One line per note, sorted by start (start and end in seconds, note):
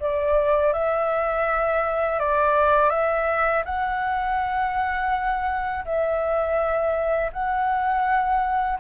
0.00 0.73 D5
0.73 2.19 E5
2.19 2.90 D5
2.90 3.63 E5
3.65 5.85 F#5
5.85 7.31 E5
7.33 8.79 F#5